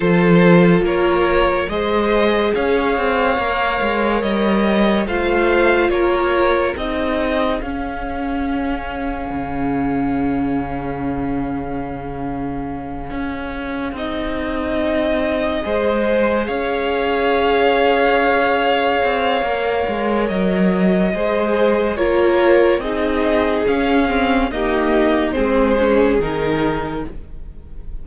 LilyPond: <<
  \new Staff \with { instrumentName = "violin" } { \time 4/4 \tempo 4 = 71 c''4 cis''4 dis''4 f''4~ | f''4 dis''4 f''4 cis''4 | dis''4 f''2.~ | f''1~ |
f''8 dis''2. f''8~ | f''1 | dis''2 cis''4 dis''4 | f''4 dis''4 c''4 ais'4 | }
  \new Staff \with { instrumentName = "violin" } { \time 4/4 a'4 ais'4 c''4 cis''4~ | cis''2 c''4 ais'4 | gis'1~ | gis'1~ |
gis'2~ gis'8 c''4 cis''8~ | cis''1~ | cis''4 c''4 ais'4 gis'4~ | gis'4 g'4 gis'2 | }
  \new Staff \with { instrumentName = "viola" } { \time 4/4 f'2 gis'2 | ais'2 f'2 | dis'4 cis'2.~ | cis'1~ |
cis'8 dis'2 gis'4.~ | gis'2. ais'4~ | ais'4 gis'4 f'4 dis'4 | cis'8 c'8 ais4 c'8 cis'8 dis'4 | }
  \new Staff \with { instrumentName = "cello" } { \time 4/4 f4 ais4 gis4 cis'8 c'8 | ais8 gis8 g4 a4 ais4 | c'4 cis'2 cis4~ | cis2.~ cis8 cis'8~ |
cis'8 c'2 gis4 cis'8~ | cis'2~ cis'8 c'8 ais8 gis8 | fis4 gis4 ais4 c'4 | cis'4 dis'4 gis4 dis4 | }
>>